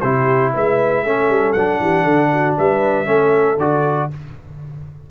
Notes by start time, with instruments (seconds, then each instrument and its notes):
0.00 tuba C3, trombone E4, horn G4, trumpet C5
0.53 tuba G#3, horn B4, trumpet E5
1.04 tuba A3, trombone C#4, horn A4
1.29 tuba G3
1.52 tuba F#3, trombone D4, trumpet F#5
1.80 tuba E3, horn G4
2.04 tuba D3, horn A4
2.33 horn F#4
2.58 tuba G3, horn B4, trumpet E5
3.05 tuba A3, trombone C#4, horn A4
3.57 tuba D3, trombone F#4, trumpet D5